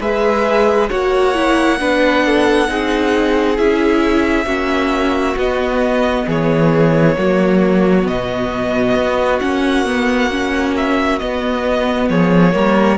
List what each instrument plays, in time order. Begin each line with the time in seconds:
0.00 cello G#3, viola G#4, violin B4 E5
0.89 cello A#3, viola F#4, violin C#5 F#5
1.34 viola E4
1.79 cello B3, viola D4, violin B4
2.25 violin A4
2.67 cello C4, viola D#4, violin G#4
3.57 cello C#4, viola E4, violin E5
4.45 cello A#3, viola C#4, violin F#4
5.36 cello B3, viola B3, violin D#5
6.27 cello E3, violin G#4 C#5
7.17 cello F#3, viola A#3, violin F#4
8.02 cello B2, viola B3, violin D#5
8.95 cello B3
9.40 cello A#3, viola C#4, violin F#5
9.85 viola B3
10.30 viola C#4
10.77 violin E5
11.19 viola B3, cello B3, violin D#5
12.09 cello F3, violin G#4 C#5
12.52 cello G3, viola A#3, violin A#4